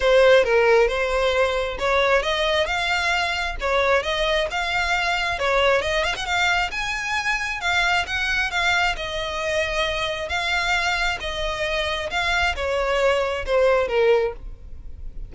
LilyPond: \new Staff \with { instrumentName = "violin" } { \time 4/4 \tempo 4 = 134 c''4 ais'4 c''2 | cis''4 dis''4 f''2 | cis''4 dis''4 f''2 | cis''4 dis''8 f''16 fis''16 f''4 gis''4~ |
gis''4 f''4 fis''4 f''4 | dis''2. f''4~ | f''4 dis''2 f''4 | cis''2 c''4 ais'4 | }